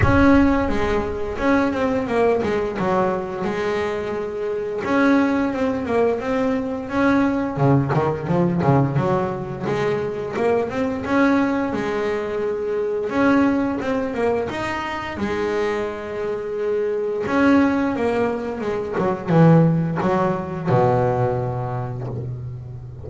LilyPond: \new Staff \with { instrumentName = "double bass" } { \time 4/4 \tempo 4 = 87 cis'4 gis4 cis'8 c'8 ais8 gis8 | fis4 gis2 cis'4 | c'8 ais8 c'4 cis'4 cis8 dis8 | f8 cis8 fis4 gis4 ais8 c'8 |
cis'4 gis2 cis'4 | c'8 ais8 dis'4 gis2~ | gis4 cis'4 ais4 gis8 fis8 | e4 fis4 b,2 | }